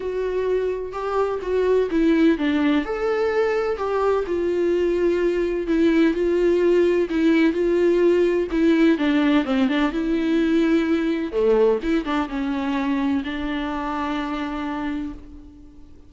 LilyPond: \new Staff \with { instrumentName = "viola" } { \time 4/4 \tempo 4 = 127 fis'2 g'4 fis'4 | e'4 d'4 a'2 | g'4 f'2. | e'4 f'2 e'4 |
f'2 e'4 d'4 | c'8 d'8 e'2. | a4 e'8 d'8 cis'2 | d'1 | }